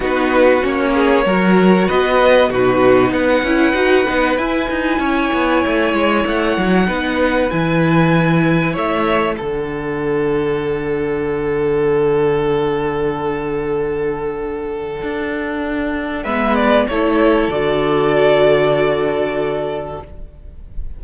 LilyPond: <<
  \new Staff \with { instrumentName = "violin" } { \time 4/4 \tempo 4 = 96 b'4 cis''2 dis''4 | b'4 fis''2 gis''4~ | gis''2 fis''2 | gis''2 e''4 fis''4~ |
fis''1~ | fis''1~ | fis''2 e''8 d''8 cis''4 | d''1 | }
  \new Staff \with { instrumentName = "violin" } { \time 4/4 fis'4. gis'8 ais'4 b'4 | fis'4 b'2. | cis''2. b'4~ | b'2 cis''4 a'4~ |
a'1~ | a'1~ | a'2 b'4 a'4~ | a'1 | }
  \new Staff \with { instrumentName = "viola" } { \time 4/4 dis'4 cis'4 fis'2 | dis'4. e'8 fis'8 dis'8 e'4~ | e'2. dis'4 | e'2. d'4~ |
d'1~ | d'1~ | d'2 b4 e'4 | fis'1 | }
  \new Staff \with { instrumentName = "cello" } { \time 4/4 b4 ais4 fis4 b4 | b,4 b8 cis'8 dis'8 b8 e'8 dis'8 | cis'8 b8 a8 gis8 a8 fis8 b4 | e2 a4 d4~ |
d1~ | d1 | d'2 gis4 a4 | d1 | }
>>